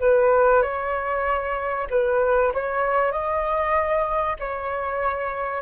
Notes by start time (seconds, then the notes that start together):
0.00 B4
0.62 C#5
1.90 B4
2.53 C#5
3.12 D#5
4.39 C#5